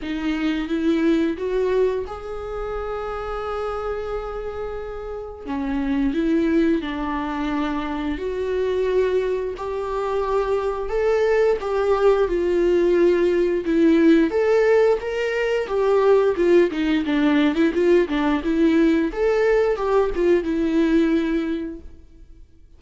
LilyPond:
\new Staff \with { instrumentName = "viola" } { \time 4/4 \tempo 4 = 88 dis'4 e'4 fis'4 gis'4~ | gis'1 | cis'4 e'4 d'2 | fis'2 g'2 |
a'4 g'4 f'2 | e'4 a'4 ais'4 g'4 | f'8 dis'8 d'8. e'16 f'8 d'8 e'4 | a'4 g'8 f'8 e'2 | }